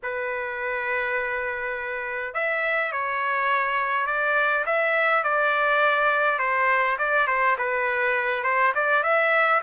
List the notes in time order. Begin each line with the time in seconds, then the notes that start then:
0.02 B4
2.34 E5
2.92 C#5
4.06 D5
4.65 E5
5.23 D5
6.38 C5
6.98 D5
7.27 C5
7.58 B4
8.43 C5
8.74 D5
9.03 E5